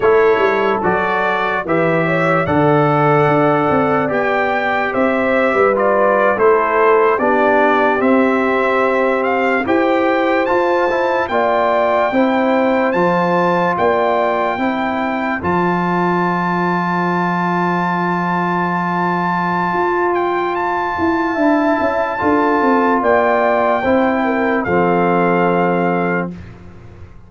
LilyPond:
<<
  \new Staff \with { instrumentName = "trumpet" } { \time 4/4 \tempo 4 = 73 cis''4 d''4 e''4 fis''4~ | fis''4 g''4 e''4 d''8. c''16~ | c''8. d''4 e''4. f''8 g''16~ | g''8. a''4 g''2 a''16~ |
a''8. g''2 a''4~ a''16~ | a''1~ | a''8 g''8 a''2. | g''2 f''2 | }
  \new Staff \with { instrumentName = "horn" } { \time 4/4 a'2 b'8 cis''8 d''4~ | d''2 c''8. b'4 a'16~ | a'8. g'2. c''16~ | c''4.~ c''16 d''4 c''4~ c''16~ |
c''8. d''4 c''2~ c''16~ | c''1~ | c''2 e''4 a'4 | d''4 c''8 ais'8 a'2 | }
  \new Staff \with { instrumentName = "trombone" } { \time 4/4 e'4 fis'4 g'4 a'4~ | a'4 g'2 f'8. e'16~ | e'8. d'4 c'2 g'16~ | g'8. f'8 e'8 f'4 e'4 f'16~ |
f'4.~ f'16 e'4 f'4~ f'16~ | f'1~ | f'2 e'4 f'4~ | f'4 e'4 c'2 | }
  \new Staff \with { instrumentName = "tuba" } { \time 4/4 a8 g8 fis4 e4 d4 | d'8 c'8 b4 c'8. g4 a16~ | a8. b4 c'2 e'16~ | e'8. f'4 ais4 c'4 f16~ |
f8. ais4 c'4 f4~ f16~ | f1 | f'4. e'8 d'8 cis'8 d'8 c'8 | ais4 c'4 f2 | }
>>